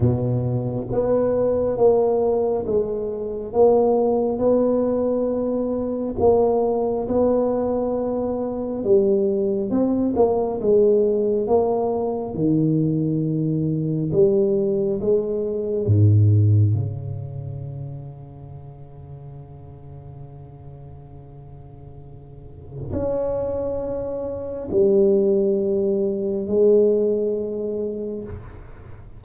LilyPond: \new Staff \with { instrumentName = "tuba" } { \time 4/4 \tempo 4 = 68 b,4 b4 ais4 gis4 | ais4 b2 ais4 | b2 g4 c'8 ais8 | gis4 ais4 dis2 |
g4 gis4 gis,4 cis4~ | cis1~ | cis2 cis'2 | g2 gis2 | }